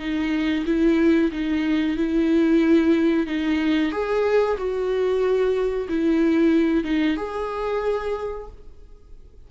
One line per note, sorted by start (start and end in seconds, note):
0.00 0.65 D#4
0.66 1.31 E4
1.32 1.97 D#4
1.97 3.27 E4
3.27 3.92 D#4
3.92 4.57 G#4
4.58 5.88 F#4
5.89 6.84 E4
6.84 7.17 D#4
7.17 8.48 G#4